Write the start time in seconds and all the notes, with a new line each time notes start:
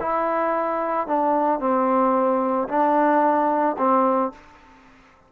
0.00 E4
1.07 D4
1.60 C4
2.68 D4
3.78 C4